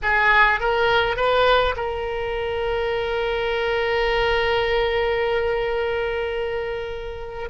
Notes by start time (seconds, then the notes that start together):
0.02 G#4
0.59 A#4
1.16 B4
1.76 A#4